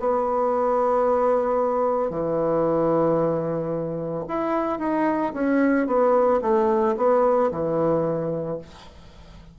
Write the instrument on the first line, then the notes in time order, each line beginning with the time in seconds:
bassoon
0.00 B3
2.10 E3
4.28 E4
4.79 D#4
5.34 C#4
5.87 B3
6.42 A3
6.97 B3
7.51 E3